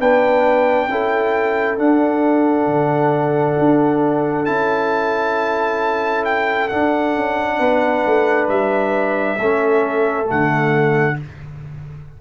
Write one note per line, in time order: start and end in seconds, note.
0.00 0.88 B3
0.00 0.90 D4
0.00 0.90 B4
0.00 1.79 G5
0.88 1.77 C#4
0.88 1.78 E4
0.88 7.59 A4
1.77 2.67 D4
1.77 4.46 D4
1.77 4.46 F#5
2.67 3.56 D3
3.59 4.48 D4
4.46 6.72 C#4
4.46 6.70 E4
4.46 6.25 A5
6.25 6.69 G5
6.69 9.39 D4
6.69 7.15 D4
6.69 8.48 F#5
7.15 7.60 C#4
7.59 8.04 B3
7.59 9.38 B4
8.06 8.49 A3
8.49 9.38 G3
8.49 10.28 E5
9.39 10.29 A3
9.39 10.25 C#4
9.39 11.18 A4
10.25 11.14 A3
10.25 11.20 F#5
10.32 11.21 D3